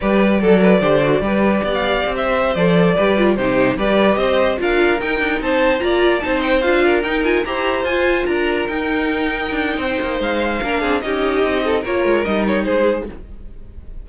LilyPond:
<<
  \new Staff \with { instrumentName = "violin" } { \time 4/4 \tempo 4 = 147 d''1~ | d''16 f''4 e''4 d''4.~ d''16~ | d''16 c''4 d''4 dis''4 f''8.~ | f''16 g''4 a''4 ais''4 a''8 g''16~ |
g''16 f''4 g''8 gis''8 ais''4 gis''8.~ | gis''16 ais''4 g''2~ g''8.~ | g''4 f''2 dis''4~ | dis''4 cis''4 dis''8 cis''8 c''4 | }
  \new Staff \with { instrumentName = "violin" } { \time 4/4 b'4 a'8 b'8 c''4 b'4 | d''4~ d''16 c''2 b'8.~ | b'16 g'4 b'4 c''4 ais'8.~ | ais'4~ ais'16 c''4 d''4 c''8.~ |
c''8. ais'4. c''4.~ c''16~ | c''16 ais'2.~ ais'8. | c''2 ais'8 gis'8 g'4~ | g'8 a'8 ais'2 gis'4 | }
  \new Staff \with { instrumentName = "viola" } { \time 4/4 g'4 a'4 g'8 fis'8 g'4~ | g'2~ g'16 a'4 g'8 f'16~ | f'16 dis'4 g'2 f'8.~ | f'16 dis'2 f'4 dis'8.~ |
dis'16 f'4 dis'8 f'8 g'4 f'8.~ | f'4~ f'16 dis'2~ dis'8.~ | dis'2 d'4 dis'4~ | dis'4 f'4 dis'2 | }
  \new Staff \with { instrumentName = "cello" } { \time 4/4 g4 fis4 d4 g4 | b4 c'4~ c'16 f4 g8.~ | g16 c4 g4 c'4 d'8.~ | d'16 dis'8 d'8 c'4 ais4 c'8.~ |
c'16 d'4 dis'4 e'4 f'8.~ | f'16 d'4 dis'2 d'8. | c'8 ais8 gis4 ais8 c'8 cis'4 | c'4 ais8 gis8 g4 gis4 | }
>>